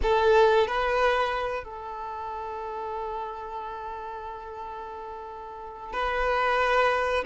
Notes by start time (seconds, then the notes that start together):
0.02 A4
0.67 B4
1.64 A4
5.92 B4